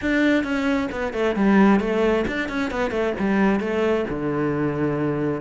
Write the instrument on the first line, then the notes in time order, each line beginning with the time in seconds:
cello
0.01 D4
0.43 C#4
0.91 B3
1.13 A3
1.35 G3
1.80 A3
2.27 D4
2.48 C#4
2.70 B3
2.90 A3
3.18 G3
3.60 A3
4.09 D3